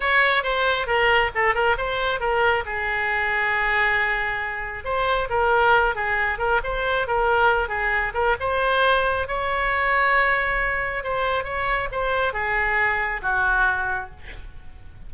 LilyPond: \new Staff \with { instrumentName = "oboe" } { \time 4/4 \tempo 4 = 136 cis''4 c''4 ais'4 a'8 ais'8 | c''4 ais'4 gis'2~ | gis'2. c''4 | ais'4. gis'4 ais'8 c''4 |
ais'4. gis'4 ais'8 c''4~ | c''4 cis''2.~ | cis''4 c''4 cis''4 c''4 | gis'2 fis'2 | }